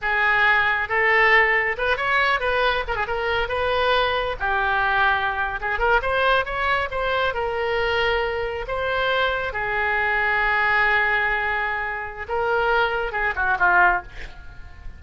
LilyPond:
\new Staff \with { instrumentName = "oboe" } { \time 4/4 \tempo 4 = 137 gis'2 a'2 | b'8 cis''4 b'4 ais'16 gis'16 ais'4 | b'2 g'2~ | g'8. gis'8 ais'8 c''4 cis''4 c''16~ |
c''8. ais'2. c''16~ | c''4.~ c''16 gis'2~ gis'16~ | gis'1 | ais'2 gis'8 fis'8 f'4 | }